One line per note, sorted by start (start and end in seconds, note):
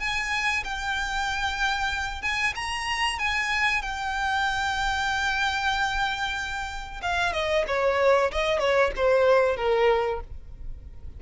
0.00 0.64 G#5
0.64 2.22 G5
2.22 2.54 G#5
2.56 3.19 A#5
3.19 3.82 G#5
3.82 7.02 G5
7.02 7.33 F5
7.33 7.65 D#5
7.68 8.32 C#5
8.32 8.60 D#5
8.60 8.92 C#5
8.97 9.57 C5
9.57 10.21 A#4